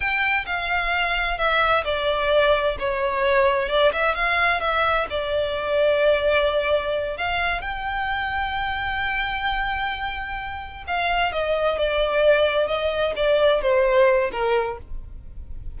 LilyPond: \new Staff \with { instrumentName = "violin" } { \time 4/4 \tempo 4 = 130 g''4 f''2 e''4 | d''2 cis''2 | d''8 e''8 f''4 e''4 d''4~ | d''2.~ d''8 f''8~ |
f''8 g''2.~ g''8~ | g''2.~ g''8 f''8~ | f''8 dis''4 d''2 dis''8~ | dis''8 d''4 c''4. ais'4 | }